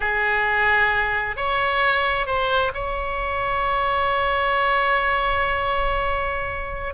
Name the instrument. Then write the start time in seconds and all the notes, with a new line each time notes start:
oboe
0.00 G#4
1.36 C#5
2.26 C5
2.74 C#5